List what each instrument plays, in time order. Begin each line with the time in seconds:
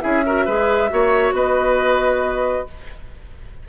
0.00 bassoon C#4, clarinet E4, oboe G#4, flute E5
0.26 clarinet F#4, oboe A#4
0.45 bassoon G#3, clarinet G#4, oboe B4
0.89 bassoon A#3, clarinet F#4, oboe C#5
1.32 bassoon B3, oboe B4, flute D#5